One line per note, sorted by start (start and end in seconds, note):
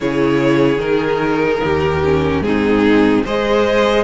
0.00 0.77 C#3
0.00 0.79 E4
0.00 1.63 G#4
0.00 0.81 C#5
0.77 1.58 D#3
0.77 2.00 D#4
0.77 2.42 A#4
1.63 2.41 D#2
1.63 2.44 G4
2.04 2.44 C#4
2.41 3.22 G#2
2.41 3.25 C4
2.41 3.24 D#4
2.41 3.23 G#4
3.24 4.03 G#3
3.24 4.03 G#4
3.24 4.03 C5
3.24 4.03 D#5